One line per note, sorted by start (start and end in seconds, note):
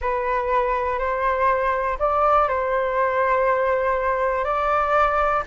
0.01 0.98 B4
0.98 1.98 C5
1.99 2.48 D5
2.48 4.44 C5
4.44 5.43 D5